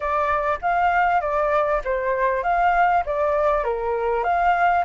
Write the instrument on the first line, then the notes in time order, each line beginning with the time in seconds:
flute
0.00 D5
0.61 F5
1.20 D5
1.84 C5
2.43 F5
3.05 D5
3.64 A#4
4.23 F5